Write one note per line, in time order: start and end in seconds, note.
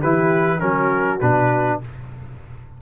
0.00 0.61 E3
0.00 0.60 E4
0.00 0.59 G4
0.00 0.60 B4
0.60 1.21 F#3
0.60 1.19 C#4
0.60 1.80 F#4
0.60 1.19 A#4
1.20 1.81 B2
1.20 1.81 D4
1.20 1.80 B4